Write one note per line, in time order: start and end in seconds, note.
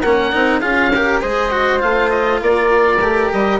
0.00 0.33 A#3
0.00 0.32 C#4
0.00 0.59 A#4
0.00 0.60 F#5
0.32 0.62 C4
0.32 0.61 D#4
0.60 1.21 C#4
0.60 0.91 F4
0.60 0.89 G#4
0.60 1.19 F5
0.95 1.22 G4
0.95 1.21 A#4
1.21 1.82 G#3
1.21 1.51 G#4
1.21 2.40 C5
1.21 1.80 D#5
1.51 1.79 F#4
1.79 2.41 A3
1.79 2.98 F4
1.79 2.10 F5
2.10 2.39 D#5
2.41 3.00 A#3
2.41 3.60 A#4
2.41 3.31 D5
3.00 3.30 A3
3.00 3.60 G4
3.32 3.60 G3
3.32 3.60 D#5